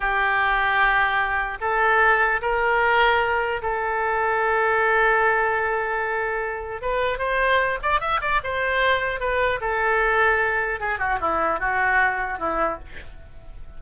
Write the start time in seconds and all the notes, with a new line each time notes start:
0.00 G4
1.60 A4
2.41 A#4
3.61 A4
6.81 B4
7.18 C5
7.82 D5
8.00 E5
8.21 D5
8.43 C5
9.20 B4
9.61 A4
10.80 G#4
10.98 F#4
11.20 E4
11.59 F#4
12.39 E4